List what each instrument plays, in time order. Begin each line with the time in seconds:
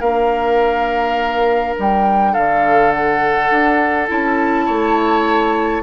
0.00 bassoon A#3, clarinet D4, oboe A#4, flute F5
1.79 bassoon G3, flute G5
2.33 bassoon D3, oboe A4, flute F5
2.91 flute F#5
3.51 bassoon D4
4.08 bassoon C#4, clarinet E4, flute A5
4.66 bassoon A3, oboe C#5